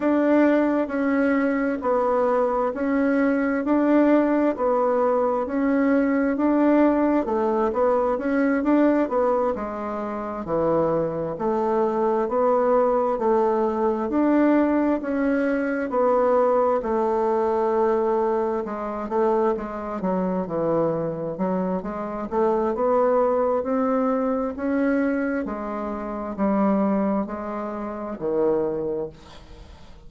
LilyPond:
\new Staff \with { instrumentName = "bassoon" } { \time 4/4 \tempo 4 = 66 d'4 cis'4 b4 cis'4 | d'4 b4 cis'4 d'4 | a8 b8 cis'8 d'8 b8 gis4 e8~ | e8 a4 b4 a4 d'8~ |
d'8 cis'4 b4 a4.~ | a8 gis8 a8 gis8 fis8 e4 fis8 | gis8 a8 b4 c'4 cis'4 | gis4 g4 gis4 dis4 | }